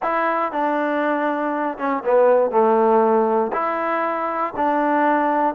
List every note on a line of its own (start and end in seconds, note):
0.02 0.52 E4
0.52 1.77 D4
1.77 2.03 C#4
2.04 2.50 B3
2.50 3.51 A3
3.52 4.53 E4
4.56 5.54 D4